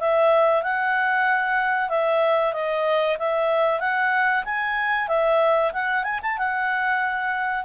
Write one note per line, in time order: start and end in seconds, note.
0.00 0.62 E5
0.62 1.89 F#5
1.89 2.53 E5
2.53 3.17 D#5
3.19 3.80 E5
3.80 4.44 F#5
4.44 5.08 G#5
5.08 5.72 E5
5.73 6.03 F#5
6.03 6.19 G#5
6.22 6.38 A5
6.38 7.65 F#5